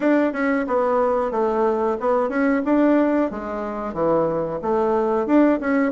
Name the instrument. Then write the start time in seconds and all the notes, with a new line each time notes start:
bassoon
0.00 D4
0.32 C#4
0.67 B3
1.31 A3
2.00 B3
2.29 C#4
2.65 D4
3.31 G#3
3.93 E3
4.62 A3
5.26 D4
5.60 C#4